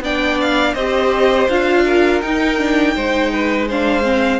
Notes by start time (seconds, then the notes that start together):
0.00 B3 D4 D5 G5
0.41 F5
0.74 C4 G4 C5 D#5
1.49 D4 F4 F5
1.85 A#4
2.21 D#4 G5
2.58 D4
2.95 G#3 D#4 C5
3.33 B4
3.68 D4 C5 F5
4.03 C4